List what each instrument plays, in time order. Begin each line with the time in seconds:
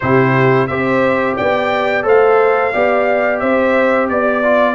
0.00 tuba C3, trombone E4, horn G4, trumpet C5
0.67 tuba C4, trombone G4, horn C5, trumpet E5
1.36 tuba B3, horn D5, trumpet G5
2.02 tuba A3, trombone A4, horn C5, trumpet F5
2.72 tuba B3, trombone G4, horn D5
3.39 tuba C4, horn C5, trumpet E5
4.09 tuba B3, trumpet D5, horn D5
4.43 trombone F4